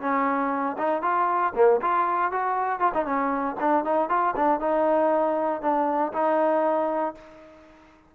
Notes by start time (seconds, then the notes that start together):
0.00 C#4
0.78 D#4
1.02 F4
1.55 A#3
1.81 F4
2.31 F#4
2.79 F4
2.94 D#4
3.05 C#4
3.60 D4
3.84 D#4
4.09 F4
4.36 D4
4.59 D#4
5.61 D4
6.13 D#4